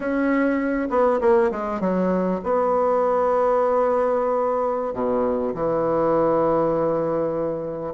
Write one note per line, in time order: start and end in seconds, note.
0.00 0.88 C#4
0.89 1.19 B3
1.20 1.50 A#3
1.51 1.80 G#3
1.80 2.40 F#3
2.43 4.93 B3
4.93 5.53 B2
5.54 7.94 E3